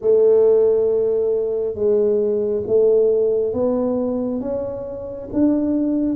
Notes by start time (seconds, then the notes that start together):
0.01 A3
1.74 G#3
2.67 A3
3.53 B3
4.40 C#4
5.32 D4